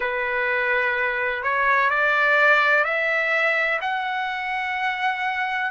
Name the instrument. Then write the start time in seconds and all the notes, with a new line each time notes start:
trumpet
0.00 B4
1.43 C#5
1.90 D5
2.84 E5
3.81 F#5